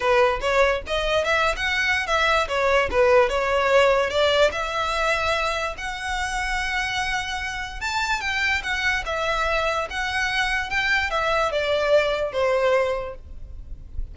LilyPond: \new Staff \with { instrumentName = "violin" } { \time 4/4 \tempo 4 = 146 b'4 cis''4 dis''4 e''8. fis''16~ | fis''4 e''4 cis''4 b'4 | cis''2 d''4 e''4~ | e''2 fis''2~ |
fis''2. a''4 | g''4 fis''4 e''2 | fis''2 g''4 e''4 | d''2 c''2 | }